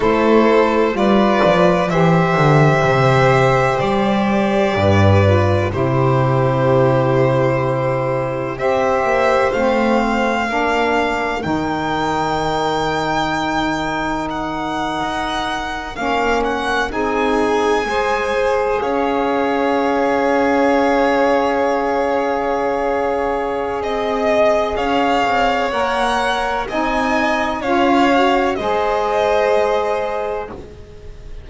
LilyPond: <<
  \new Staff \with { instrumentName = "violin" } { \time 4/4 \tempo 4 = 63 c''4 d''4 e''2 | d''2 c''2~ | c''4 e''4 f''2 | g''2. fis''4~ |
fis''8. f''8 fis''8 gis''2 f''16~ | f''1~ | f''4 dis''4 f''4 fis''4 | gis''4 f''4 dis''2 | }
  \new Staff \with { instrumentName = "violin" } { \time 4/4 a'4 b'4 c''2~ | c''4 b'4 g'2~ | g'4 c''2 ais'4~ | ais'1~ |
ais'4.~ ais'16 gis'4 c''4 cis''16~ | cis''1~ | cis''4 dis''4 cis''2 | dis''4 cis''4 c''2 | }
  \new Staff \with { instrumentName = "saxophone" } { \time 4/4 e'4 f'4 g'2~ | g'4. f'8 e'2~ | e'4 g'4 c'4 d'4 | dis'1~ |
dis'8. cis'4 dis'4 gis'4~ gis'16~ | gis'1~ | gis'2. ais'4 | dis'4 f'8 fis'8 gis'2 | }
  \new Staff \with { instrumentName = "double bass" } { \time 4/4 a4 g8 f8 e8 d8 c4 | g4 g,4 c2~ | c4 c'8 ais8 a4 ais4 | dis2.~ dis8. dis'16~ |
dis'8. ais4 c'4 gis4 cis'16~ | cis'1~ | cis'4 c'4 cis'8 c'8 ais4 | c'4 cis'4 gis2 | }
>>